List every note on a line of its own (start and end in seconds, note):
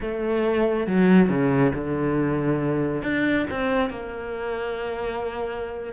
0.01 0.86 A3
0.86 1.29 F#3
1.29 1.72 C#3
1.74 3.02 D3
3.02 3.45 D4
3.50 3.90 C4
3.90 5.93 A#3